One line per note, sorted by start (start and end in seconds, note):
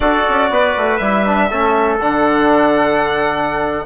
0.00 0.23 D4
0.00 1.00 F#4
0.00 0.51 A4
0.00 0.96 D5
0.28 0.50 C#4
0.50 0.75 B3
0.50 1.50 B4
0.77 1.00 A3
0.96 1.50 G3
0.96 1.25 E4
0.96 1.96 E5
1.25 1.50 D4
1.50 1.99 A3
1.50 1.99 C#4
1.50 3.85 A4
1.99 3.85 D3
1.99 3.85 D4
1.99 3.85 F#5